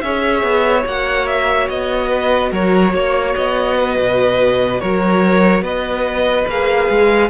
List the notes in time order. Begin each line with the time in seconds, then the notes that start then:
0.00 C#4 G#4 C#5 E5
0.42 B3
0.83 A#3 F#4 F#5
1.26 E5
1.69 B3 D#5
2.08 B4
2.51 F#3 A#4 C#5
2.93 A#3 C#5
3.35 B3 D#5
3.77 B4
3.97 B2
4.80 F#3 A#4 C#5
5.61 B3 B4 D#5
6.47 A#3 G#4 F5
6.89 G#3